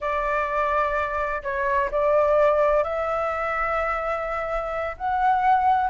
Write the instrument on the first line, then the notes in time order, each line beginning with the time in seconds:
flute
0.00 D5
1.42 C#5
1.91 D5
2.83 E5
4.97 F#5